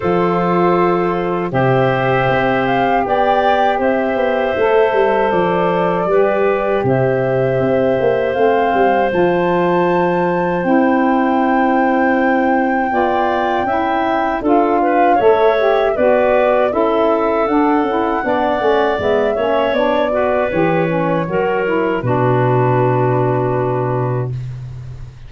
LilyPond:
<<
  \new Staff \with { instrumentName = "flute" } { \time 4/4 \tempo 4 = 79 c''2 e''4. f''8 | g''4 e''2 d''4~ | d''4 e''2 f''4 | a''2 g''2~ |
g''2. f''4 | e''4 d''4 e''4 fis''4~ | fis''4 e''4 d''4 cis''4~ | cis''4 b'2. | }
  \new Staff \with { instrumentName = "clarinet" } { \time 4/4 a'2 c''2 | d''4 c''2. | b'4 c''2.~ | c''1~ |
c''4 d''4 e''4 a'8 b'8 | cis''4 b'4 a'2 | d''4. cis''4 b'4. | ais'4 fis'2. | }
  \new Staff \with { instrumentName = "saxophone" } { \time 4/4 f'2 g'2~ | g'2 a'2 | g'2. c'4 | f'2 e'2~ |
e'4 f'4 e'4 f'4 | a'8 g'8 fis'4 e'4 d'8 e'8 | d'8 cis'8 b8 cis'8 d'8 fis'8 g'8 cis'8 | fis'8 e'8 d'2. | }
  \new Staff \with { instrumentName = "tuba" } { \time 4/4 f2 c4 c'4 | b4 c'8 b8 a8 g8 f4 | g4 c4 c'8 ais8 a8 g8 | f2 c'2~ |
c'4 b4 cis'4 d'4 | a4 b4 cis'4 d'8 cis'8 | b8 a8 gis8 ais8 b4 e4 | fis4 b,2. | }
>>